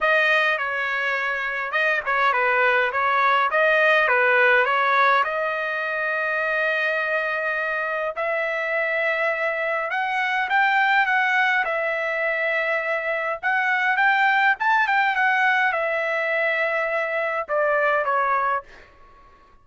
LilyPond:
\new Staff \with { instrumentName = "trumpet" } { \time 4/4 \tempo 4 = 103 dis''4 cis''2 dis''8 cis''8 | b'4 cis''4 dis''4 b'4 | cis''4 dis''2.~ | dis''2 e''2~ |
e''4 fis''4 g''4 fis''4 | e''2. fis''4 | g''4 a''8 g''8 fis''4 e''4~ | e''2 d''4 cis''4 | }